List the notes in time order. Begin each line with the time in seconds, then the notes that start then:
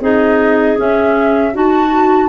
0.00 C4 D#4 G#4 D#5
0.77 C#4 E5
1.53 D#4 F#4 A5